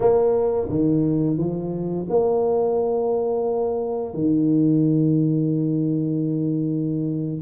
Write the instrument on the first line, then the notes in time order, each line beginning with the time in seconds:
tuba
0.00 A#3
0.69 D#3
1.37 F3
2.09 A#3
4.14 D#3